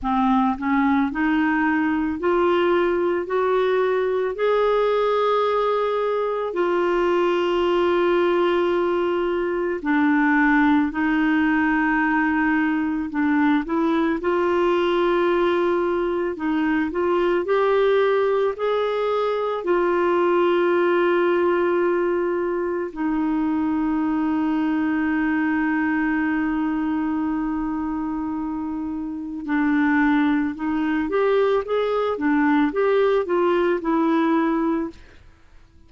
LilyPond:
\new Staff \with { instrumentName = "clarinet" } { \time 4/4 \tempo 4 = 55 c'8 cis'8 dis'4 f'4 fis'4 | gis'2 f'2~ | f'4 d'4 dis'2 | d'8 e'8 f'2 dis'8 f'8 |
g'4 gis'4 f'2~ | f'4 dis'2.~ | dis'2. d'4 | dis'8 g'8 gis'8 d'8 g'8 f'8 e'4 | }